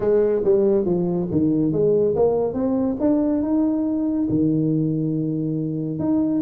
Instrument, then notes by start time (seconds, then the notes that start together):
tuba
0.00 G#3
0.44 G3
0.85 F3
1.31 D#3
1.72 G#3
2.15 A#3
2.53 C4
3.00 D4
3.42 D#4
4.29 D#3
5.99 D#4